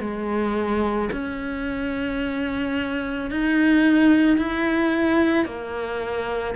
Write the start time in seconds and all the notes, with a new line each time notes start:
0.00 G#3
1.12 C#4
3.31 D#4
4.37 E4
5.45 A#3